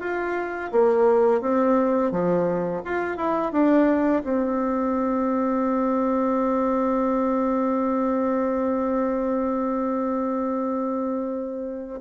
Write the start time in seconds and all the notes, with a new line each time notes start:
0.00 F4
0.72 A#3
1.41 C4
2.11 F3
2.84 F4
3.16 E4
3.52 D4
4.24 C4